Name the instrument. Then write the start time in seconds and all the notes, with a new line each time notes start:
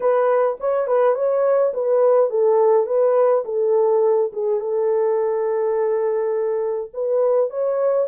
horn
0.00 B4
0.60 C#5
0.87 B4
1.15 C#5
1.73 B4
2.29 A4
2.86 B4
3.45 A4
4.33 G#4
4.60 A4
6.93 B4
7.50 C#5